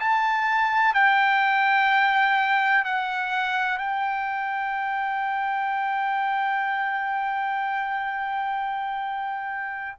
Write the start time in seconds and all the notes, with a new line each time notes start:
0.00 A5
0.94 G5
2.85 F#5
3.78 G5